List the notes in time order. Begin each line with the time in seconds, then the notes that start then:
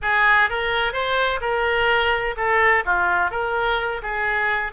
0.02 G#4
0.49 A#4
0.92 C5
1.40 A#4
2.36 A4
2.85 F4
3.30 A#4
4.02 G#4